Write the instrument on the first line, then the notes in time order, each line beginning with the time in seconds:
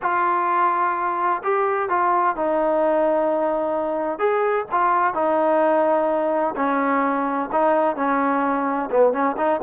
trombone
0.01 F4
1.43 G4
1.89 F4
2.36 D#4
4.18 G#4
4.71 F4
5.14 D#4
6.56 C#4
7.52 D#4
7.96 C#4
8.90 B3
9.12 C#4
9.37 D#4